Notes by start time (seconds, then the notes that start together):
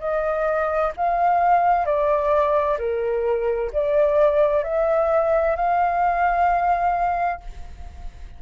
0.00 D#5
0.97 F5
1.86 D5
2.79 A#4
3.73 D5
4.64 E5
5.56 F5